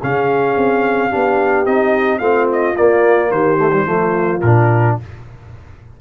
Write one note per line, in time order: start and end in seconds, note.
0.00 0.57 C#3
0.00 1.11 C#4
0.00 1.09 G#4
0.00 1.66 F5
0.57 1.12 C4
1.09 1.66 D4
1.09 2.19 G4
1.15 1.66 B3
1.66 2.20 C4
1.66 2.20 D#4
1.66 2.19 D#5
2.19 2.75 A3
2.19 2.75 C4
2.19 3.30 F4
2.19 2.46 F5
2.52 2.76 D#5
2.76 3.58 A#3
2.76 3.31 A#3
2.76 3.31 D5
3.31 3.86 D#3
3.31 3.88 G4
3.31 4.41 C5
3.58 3.72 A3
3.73 3.85 G3
3.85 4.42 F3
3.85 4.40 A3
3.85 4.99 F4
4.41 4.98 A#2
4.41 5.01 D4
4.41 4.96 A#4